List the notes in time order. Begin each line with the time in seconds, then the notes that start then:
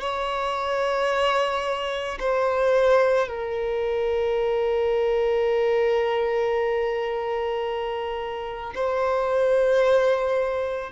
0.00 C#5
2.19 C5
3.28 A#4
8.74 C5